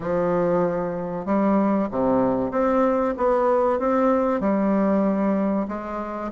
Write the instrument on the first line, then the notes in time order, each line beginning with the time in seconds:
bassoon
0.00 F3
1.25 G3
1.90 C3
2.51 C4
3.17 B3
3.79 C4
4.40 G3
5.68 G#3